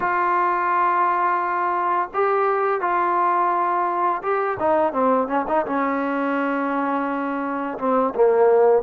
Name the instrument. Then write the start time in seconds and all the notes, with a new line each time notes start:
trombone
0.00 F4
2.14 G4
2.80 F4
4.22 G4
4.59 D#4
4.92 C4
5.27 C#4
5.48 D#4
5.66 C#4
7.78 C4
8.14 A#3